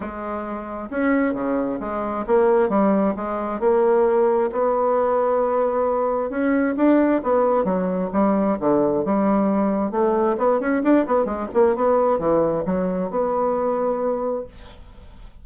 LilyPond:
\new Staff \with { instrumentName = "bassoon" } { \time 4/4 \tempo 4 = 133 gis2 cis'4 cis4 | gis4 ais4 g4 gis4 | ais2 b2~ | b2 cis'4 d'4 |
b4 fis4 g4 d4 | g2 a4 b8 cis'8 | d'8 b8 gis8 ais8 b4 e4 | fis4 b2. | }